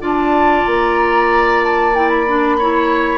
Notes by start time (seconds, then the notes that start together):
0.00 D4 F4 D5 A5
0.66 A#3 A#5
1.63 A5
1.94 E4 G5
2.09 B5
2.27 D4
2.58 E4 C#5